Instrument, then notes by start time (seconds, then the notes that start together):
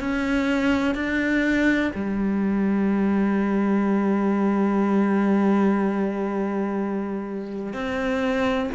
cello
0.00 C#4
0.95 D4
1.94 G3
7.73 C4